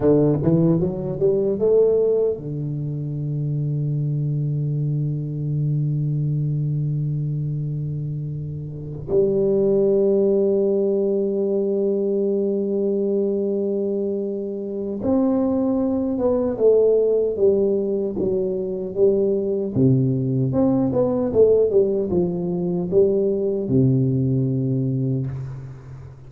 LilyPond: \new Staff \with { instrumentName = "tuba" } { \time 4/4 \tempo 4 = 76 d8 e8 fis8 g8 a4 d4~ | d1~ | d2.~ d8 g8~ | g1~ |
g2. c'4~ | c'8 b8 a4 g4 fis4 | g4 c4 c'8 b8 a8 g8 | f4 g4 c2 | }